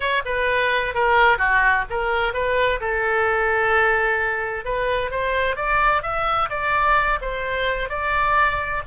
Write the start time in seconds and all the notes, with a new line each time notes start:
0.00 C#5
0.25 B4
0.94 A#4
1.38 F#4
1.90 A#4
2.33 B4
2.80 A4
4.64 B4
5.10 C5
5.55 D5
6.02 E5
6.49 D5
7.21 C5
7.89 D5